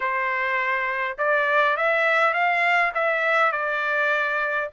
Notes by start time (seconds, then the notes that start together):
0.00 C5
1.18 D5
1.76 E5
2.33 F5
2.94 E5
3.52 D5